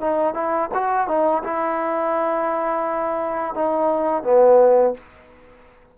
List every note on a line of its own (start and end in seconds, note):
0.00 0.34 D#4
0.34 0.69 E4
0.74 1.07 F#4
1.07 1.43 D#4
1.43 3.54 E4
3.54 4.23 D#4
4.23 4.94 B3